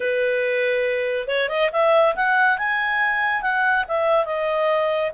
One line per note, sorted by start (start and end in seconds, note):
0.00 1.27 B4
1.27 1.48 C#5
1.48 1.70 D#5
1.72 2.15 E5
2.15 2.58 F#5
2.58 3.42 G#5
3.42 3.85 F#5
3.88 4.25 E5
4.25 5.11 D#5